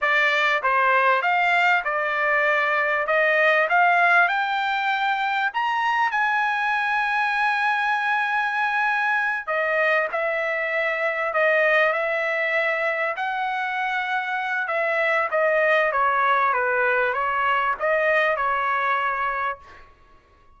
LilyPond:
\new Staff \with { instrumentName = "trumpet" } { \time 4/4 \tempo 4 = 98 d''4 c''4 f''4 d''4~ | d''4 dis''4 f''4 g''4~ | g''4 ais''4 gis''2~ | gis''2.~ gis''8 dis''8~ |
dis''8 e''2 dis''4 e''8~ | e''4. fis''2~ fis''8 | e''4 dis''4 cis''4 b'4 | cis''4 dis''4 cis''2 | }